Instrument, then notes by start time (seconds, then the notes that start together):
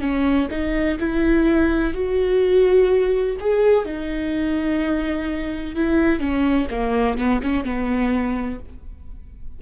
viola
0.00 C#4
0.50 D#4
1.00 E4
1.93 F#4
3.40 G#4
3.85 D#4
5.75 E4
6.19 C#4
6.70 A#3
7.17 B3
7.42 C#4
7.64 B3